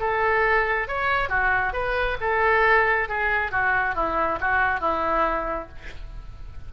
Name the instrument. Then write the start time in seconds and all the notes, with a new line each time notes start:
oboe
0.00 A4
0.88 C#5
1.29 F#4
1.73 B4
2.21 A4
3.09 G#4
3.52 F#4
3.95 E4
4.41 F#4
4.80 E4